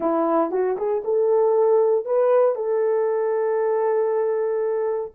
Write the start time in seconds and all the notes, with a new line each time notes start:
0.00 E4
0.51 F#4
0.77 G#4
1.04 A4
2.05 B4
2.55 A4